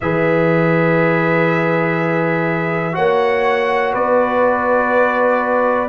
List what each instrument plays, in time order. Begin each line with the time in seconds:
0.00 tuba E3, trombone G#4, horn B4, trumpet E5
2.92 tuba A#3, trombone F#4, horn C#5, trumpet F#5
3.93 tuba B3, horn B4, trumpet D5